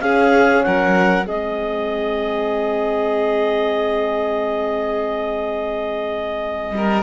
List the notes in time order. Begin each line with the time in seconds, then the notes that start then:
0.00 C#4 G#4 F5
0.62 F#3 A#4 F#5
1.25 G#3 C4 G#4 D#5
6.72 G3 A#4